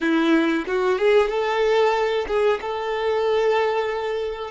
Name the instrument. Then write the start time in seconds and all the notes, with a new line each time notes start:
violin
0.00 E4
0.67 F#4
0.98 G#4
1.29 A4
2.27 G#4
2.61 A4